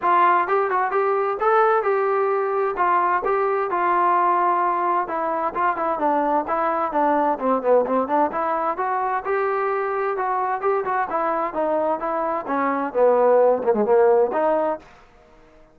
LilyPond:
\new Staff \with { instrumentName = "trombone" } { \time 4/4 \tempo 4 = 130 f'4 g'8 fis'8 g'4 a'4 | g'2 f'4 g'4 | f'2. e'4 | f'8 e'8 d'4 e'4 d'4 |
c'8 b8 c'8 d'8 e'4 fis'4 | g'2 fis'4 g'8 fis'8 | e'4 dis'4 e'4 cis'4 | b4. ais16 gis16 ais4 dis'4 | }